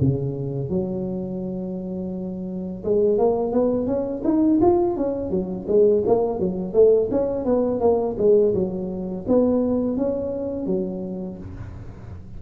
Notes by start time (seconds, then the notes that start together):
0.00 C#3
0.69 F#3
2.84 G#3
3.18 A#3
3.52 B3
3.86 C#4
4.24 D#4
4.61 F4
4.96 C#4
5.30 F#3
5.68 G#3
6.06 A#3
6.39 F#3
6.73 A3
7.11 C#4
7.45 B3
7.80 A#3
8.18 G#3
8.54 F#3
9.28 B3
9.97 C#4
10.66 F#3